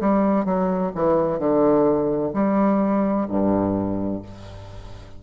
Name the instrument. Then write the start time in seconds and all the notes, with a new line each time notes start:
bassoon
0.00 G3
0.45 F#3
0.95 E3
1.39 D3
2.34 G3
3.29 G2